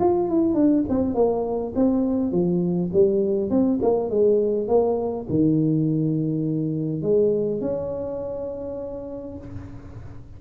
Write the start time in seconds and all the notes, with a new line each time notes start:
0.00 F4
0.29 E4
0.55 D4
0.89 C4
1.15 A#3
1.76 C4
2.32 F3
2.93 G3
3.51 C4
3.83 A#3
4.10 G#3
4.68 A#3
5.30 D#3
7.03 G#3
7.61 C#4